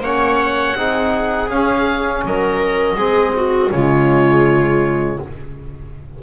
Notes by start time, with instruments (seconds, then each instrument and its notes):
0.00 double bass A#3, trombone C#4, viola C#5, oboe F#5
0.75 double bass C4, trombone D#4, viola G#4
1.49 trombone C#4, double bass C#4, oboe F5
2.24 double bass F#3, viola A#4, oboe D#5
2.96 double bass G#3, trombone C4, viola G#4
3.36 viola F#4
3.71 double bass C#3, trombone G#3, viola F4, oboe C#5